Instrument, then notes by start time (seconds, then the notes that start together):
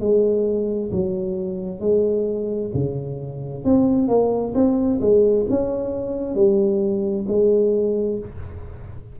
tuba
0.00 G#3
0.92 F#3
1.80 G#3
2.74 C#3
3.64 C4
4.08 A#3
4.55 C4
5.01 G#3
5.50 C#4
6.35 G3
7.28 G#3